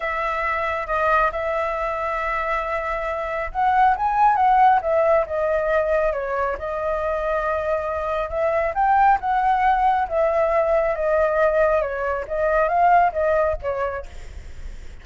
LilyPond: \new Staff \with { instrumentName = "flute" } { \time 4/4 \tempo 4 = 137 e''2 dis''4 e''4~ | e''1 | fis''4 gis''4 fis''4 e''4 | dis''2 cis''4 dis''4~ |
dis''2. e''4 | g''4 fis''2 e''4~ | e''4 dis''2 cis''4 | dis''4 f''4 dis''4 cis''4 | }